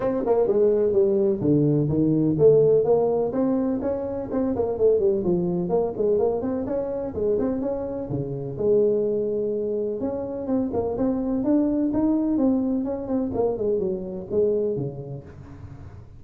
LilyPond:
\new Staff \with { instrumentName = "tuba" } { \time 4/4 \tempo 4 = 126 c'8 ais8 gis4 g4 d4 | dis4 a4 ais4 c'4 | cis'4 c'8 ais8 a8 g8 f4 | ais8 gis8 ais8 c'8 cis'4 gis8 c'8 |
cis'4 cis4 gis2~ | gis4 cis'4 c'8 ais8 c'4 | d'4 dis'4 c'4 cis'8 c'8 | ais8 gis8 fis4 gis4 cis4 | }